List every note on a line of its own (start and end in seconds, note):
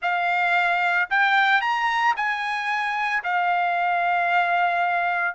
0.02 1.09 F5
1.10 1.61 G5
1.61 2.14 A#5
2.16 3.23 G#5
3.23 5.35 F5